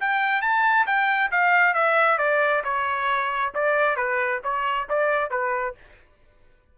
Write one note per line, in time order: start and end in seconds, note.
0.00 0.42 G5
0.42 0.86 A5
0.87 1.31 G5
1.32 1.74 F5
1.74 2.18 E5
2.18 2.63 D5
2.64 3.53 C#5
3.54 3.97 D5
3.97 4.41 B4
4.44 4.88 C#5
4.89 5.30 D5
5.30 5.75 B4